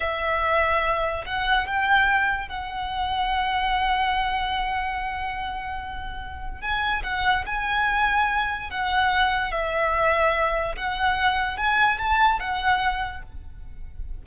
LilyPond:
\new Staff \with { instrumentName = "violin" } { \time 4/4 \tempo 4 = 145 e''2. fis''4 | g''2 fis''2~ | fis''1~ | fis''1 |
gis''4 fis''4 gis''2~ | gis''4 fis''2 e''4~ | e''2 fis''2 | gis''4 a''4 fis''2 | }